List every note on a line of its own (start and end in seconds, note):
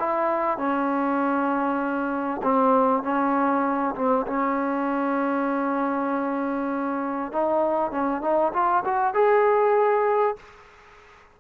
0.00 0.58 E4
0.58 2.42 C#4
2.44 3.03 C4
3.03 3.95 C#4
3.96 4.26 C4
4.27 7.32 C#4
7.32 7.91 D#4
7.91 8.22 C#4
8.22 8.53 D#4
8.54 8.84 F4
8.85 9.14 F#4
9.14 10.37 G#4